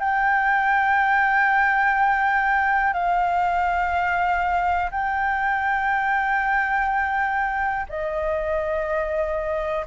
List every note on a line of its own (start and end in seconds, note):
0.00 2.94 G5
2.94 4.90 F5
4.91 7.86 G5
7.89 9.86 D#5